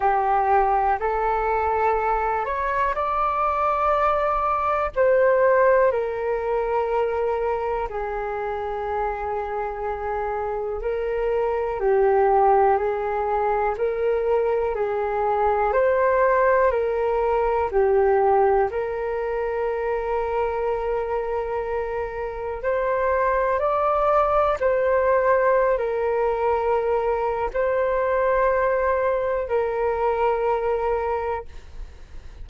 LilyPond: \new Staff \with { instrumentName = "flute" } { \time 4/4 \tempo 4 = 61 g'4 a'4. cis''8 d''4~ | d''4 c''4 ais'2 | gis'2. ais'4 | g'4 gis'4 ais'4 gis'4 |
c''4 ais'4 g'4 ais'4~ | ais'2. c''4 | d''4 c''4~ c''16 ais'4.~ ais'16 | c''2 ais'2 | }